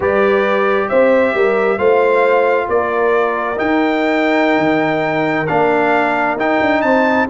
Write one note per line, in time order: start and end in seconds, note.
0.00 0.87 G3
0.00 1.78 G4
0.00 0.88 B4
0.00 0.88 D5
0.88 1.34 C4
0.88 1.34 C5
0.88 1.78 E5
1.34 1.78 G3
1.34 1.77 A#4
1.77 2.68 A3
1.77 3.56 F4
1.77 2.67 C5
1.77 2.68 F5
2.68 3.57 A#3
2.68 6.83 A#4
2.68 3.58 D5
3.56 5.46 D#4
3.56 4.58 D#4
3.56 5.46 G5
4.58 5.47 D#3
5.46 6.36 A#3
5.46 6.38 D4
5.46 6.36 F5
6.36 6.58 D#4
6.36 7.28 D#4
6.36 6.81 G5
6.61 6.82 D4
6.81 7.27 C4
6.81 7.28 C5
6.81 7.26 A5